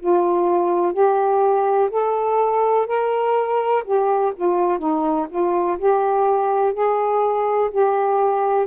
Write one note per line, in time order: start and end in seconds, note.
0.00 0.93 F4
0.93 1.90 G4
1.91 2.87 A4
2.87 3.84 A#4
3.85 4.33 G4
4.36 4.79 F4
4.79 5.27 D#4
5.30 5.78 F4
5.78 6.73 G4
6.73 7.70 G#4
7.71 8.67 G4